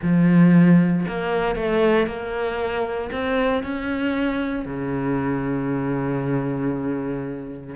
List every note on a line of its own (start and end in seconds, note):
0.02 1.06 F3
1.07 1.55 A#3
1.55 2.06 A3
2.06 3.10 A#3
3.11 3.63 C4
3.63 4.65 C#4
4.65 7.75 C#3